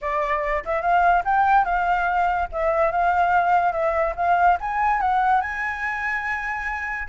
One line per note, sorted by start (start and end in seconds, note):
0.01 0.63 D5
0.65 0.81 E5
0.81 1.23 F5
1.24 1.65 G5
1.65 2.48 F5
2.52 2.91 E5
2.91 3.72 F5
3.72 4.14 E5
4.16 4.57 F5
4.60 5.01 G#5
5.01 5.41 F#5
5.41 7.08 G#5